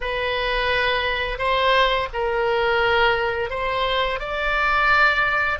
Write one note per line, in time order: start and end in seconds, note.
0.00 1.38 B4
1.38 2.08 C5
2.13 3.50 A#4
3.50 4.19 C5
4.19 5.58 D5